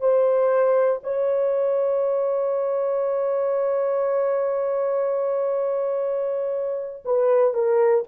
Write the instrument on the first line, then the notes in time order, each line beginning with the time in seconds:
horn
0.00 C5
1.03 C#5
7.05 B4
7.53 A#4